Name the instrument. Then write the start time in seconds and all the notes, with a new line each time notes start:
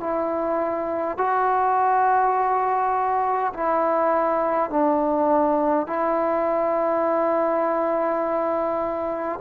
trombone
0.00 E4
1.17 F#4
3.53 E4
4.70 D4
5.87 E4